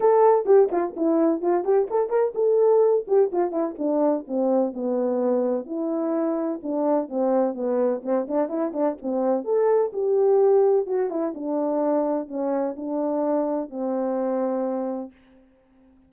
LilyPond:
\new Staff \with { instrumentName = "horn" } { \time 4/4 \tempo 4 = 127 a'4 g'8 f'8 e'4 f'8 g'8 | a'8 ais'8 a'4. g'8 f'8 e'8 | d'4 c'4 b2 | e'2 d'4 c'4 |
b4 c'8 d'8 e'8 d'8 c'4 | a'4 g'2 fis'8 e'8 | d'2 cis'4 d'4~ | d'4 c'2. | }